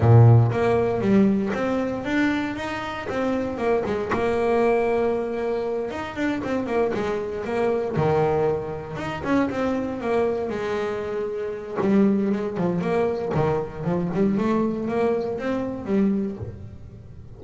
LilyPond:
\new Staff \with { instrumentName = "double bass" } { \time 4/4 \tempo 4 = 117 ais,4 ais4 g4 c'4 | d'4 dis'4 c'4 ais8 gis8 | ais2.~ ais8 dis'8 | d'8 c'8 ais8 gis4 ais4 dis8~ |
dis4. dis'8 cis'8 c'4 ais8~ | ais8 gis2~ gis8 g4 | gis8 f8 ais4 dis4 f8 g8 | a4 ais4 c'4 g4 | }